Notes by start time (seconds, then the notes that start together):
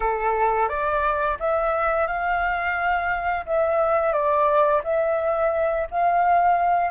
0.00 A4
0.68 D5
1.39 E5
2.07 F5
3.45 E5
4.12 D5
4.84 E5
5.90 F5